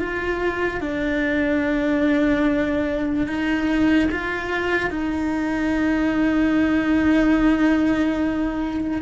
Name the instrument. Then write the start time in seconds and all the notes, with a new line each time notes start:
cello
0.00 F4
0.81 D4
3.27 D#4
4.12 F4
4.91 D#4